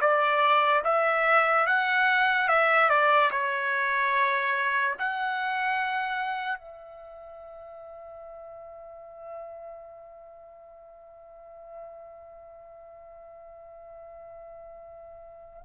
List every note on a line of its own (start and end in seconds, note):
0.00 0.82 D5
0.84 1.66 E5
1.67 2.48 F#5
2.48 2.89 E5
2.89 3.30 D5
3.31 4.95 C#5
4.98 6.58 F#5
6.58 15.62 E5